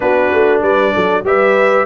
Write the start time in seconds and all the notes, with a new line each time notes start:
0.00 B3 D4 F#4 B4
0.32 A3
0.62 G3 B4 D5
0.93 F#3 A4
1.23 G3 G4 B4 E5